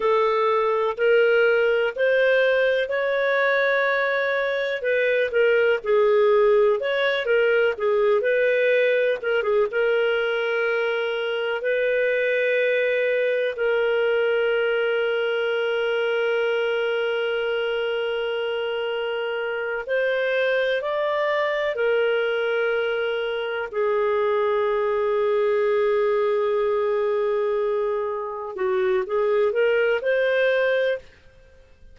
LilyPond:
\new Staff \with { instrumentName = "clarinet" } { \time 4/4 \tempo 4 = 62 a'4 ais'4 c''4 cis''4~ | cis''4 b'8 ais'8 gis'4 cis''8 ais'8 | gis'8 b'4 ais'16 gis'16 ais'2 | b'2 ais'2~ |
ais'1~ | ais'8 c''4 d''4 ais'4.~ | ais'8 gis'2.~ gis'8~ | gis'4. fis'8 gis'8 ais'8 c''4 | }